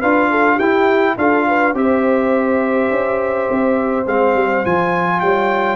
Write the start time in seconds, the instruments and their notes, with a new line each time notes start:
0.00 tuba D4, trombone F4, horn B4, trumpet F5
0.30 horn A4
0.55 tuba E4, horn G4, trumpet G5
0.61 trombone E4
1.16 tuba D4, trombone F4, horn A4, trumpet F5
1.47 horn B4
1.73 tuba C4, trombone G4, horn C5, trumpet E5
2.90 tuba C#4
3.50 tuba C4
4.06 tuba G#3, trombone C4, trumpet F5
4.34 tuba G3
4.65 tuba F3, trombone F4, trumpet G#5
5.20 tuba G3, horn C#5, trumpet G5